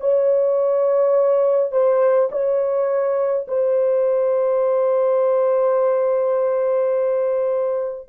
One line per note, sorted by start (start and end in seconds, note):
0.00 1.72 C#5
1.72 2.29 C5
2.31 3.46 C#5
3.47 8.08 C5